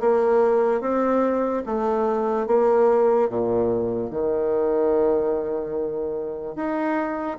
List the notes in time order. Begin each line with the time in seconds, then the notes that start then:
0.00 A#3
0.81 C4
1.66 A3
2.47 A#3
3.29 A#2
4.11 D#3
6.56 D#4